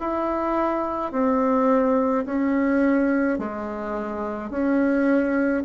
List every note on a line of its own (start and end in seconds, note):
0.00 1.12 E4
1.12 2.25 C4
2.25 3.39 C#4
3.39 4.50 G#3
4.50 5.63 C#4